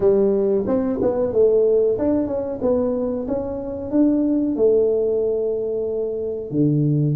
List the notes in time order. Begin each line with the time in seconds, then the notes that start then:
0.00 G3
0.66 C4
1.01 B3
1.32 A3
1.98 D4
2.26 C#4
2.61 B3
3.27 C#4
3.90 D4
4.56 A3
6.50 D3